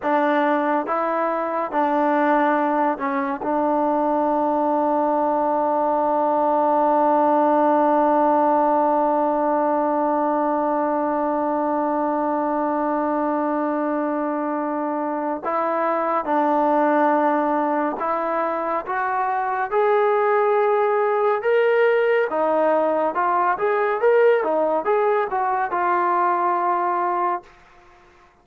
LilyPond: \new Staff \with { instrumentName = "trombone" } { \time 4/4 \tempo 4 = 70 d'4 e'4 d'4. cis'8 | d'1~ | d'1~ | d'1~ |
d'2 e'4 d'4~ | d'4 e'4 fis'4 gis'4~ | gis'4 ais'4 dis'4 f'8 gis'8 | ais'8 dis'8 gis'8 fis'8 f'2 | }